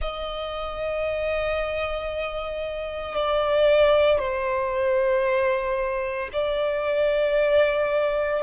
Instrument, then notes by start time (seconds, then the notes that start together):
violin
0.01 D#5
3.15 D5
4.18 C5
6.32 D5